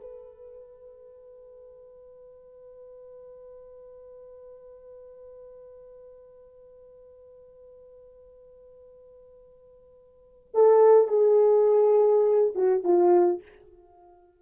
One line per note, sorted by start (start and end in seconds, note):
0.00 10.49 B4
10.54 11.07 A4
11.07 12.53 G#4
12.55 12.84 F#4
12.84 13.42 F4